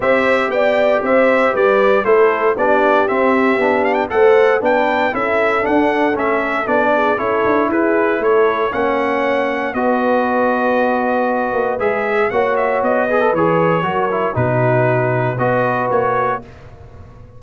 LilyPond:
<<
  \new Staff \with { instrumentName = "trumpet" } { \time 4/4 \tempo 4 = 117 e''4 g''4 e''4 d''4 | c''4 d''4 e''4. f''16 g''16 | fis''4 g''4 e''4 fis''4 | e''4 d''4 cis''4 b'4 |
cis''4 fis''2 dis''4~ | dis''2. e''4 | fis''8 e''8 dis''4 cis''2 | b'2 dis''4 cis''4 | }
  \new Staff \with { instrumentName = "horn" } { \time 4/4 c''4 d''4 c''4 b'4 | a'4 g'2. | c''4 b'4 a'2~ | a'4. gis'8 a'4 gis'4 |
a'4 cis''2 b'4~ | b'1 | cis''4. b'4. ais'4 | fis'2 b'2 | }
  \new Staff \with { instrumentName = "trombone" } { \time 4/4 g'1 | e'4 d'4 c'4 d'4 | a'4 d'4 e'4 d'4 | cis'4 d'4 e'2~ |
e'4 cis'2 fis'4~ | fis'2. gis'4 | fis'4. gis'16 a'16 gis'4 fis'8 e'8 | dis'2 fis'2 | }
  \new Staff \with { instrumentName = "tuba" } { \time 4/4 c'4 b4 c'4 g4 | a4 b4 c'4 b4 | a4 b4 cis'4 d'4 | a4 b4 cis'8 d'8 e'4 |
a4 ais2 b4~ | b2~ b8 ais8 gis4 | ais4 b4 e4 fis4 | b,2 b4 ais4 | }
>>